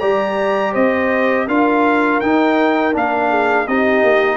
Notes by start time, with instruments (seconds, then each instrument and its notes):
0.00 tuba G3, trombone G4, horn D5, trumpet A#5
0.73 tuba C4, horn C5, trumpet D#5
1.47 tuba D4, trombone F4, horn A#4, trumpet F5
2.21 tuba D#4, trombone D#4, trumpet G5
2.93 tuba A#3, trombone D4, trumpet F5
3.30 horn G#4
3.68 tuba C4, trombone D#4, horn G4, trumpet D#5
4.03 tuba A#3